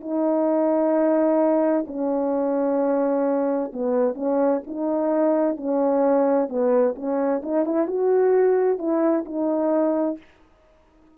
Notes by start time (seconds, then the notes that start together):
0.00 D#4
1.87 C#4
3.72 B3
4.14 C#4
4.67 D#4
5.56 C#4
6.48 B3
6.95 C#4
7.42 D#4
7.65 E4
7.87 F#4
8.78 E4
9.25 D#4